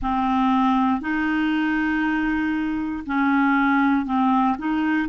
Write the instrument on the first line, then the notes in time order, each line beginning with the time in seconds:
clarinet
0.02 C4
1.00 D#4
3.06 C#4
4.05 C4
4.58 D#4